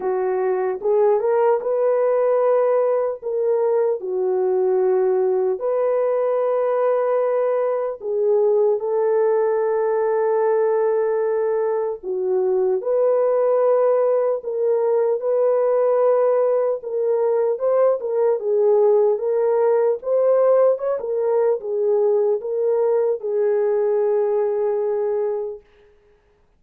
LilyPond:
\new Staff \with { instrumentName = "horn" } { \time 4/4 \tempo 4 = 75 fis'4 gis'8 ais'8 b'2 | ais'4 fis'2 b'4~ | b'2 gis'4 a'4~ | a'2. fis'4 |
b'2 ais'4 b'4~ | b'4 ais'4 c''8 ais'8 gis'4 | ais'4 c''4 cis''16 ais'8. gis'4 | ais'4 gis'2. | }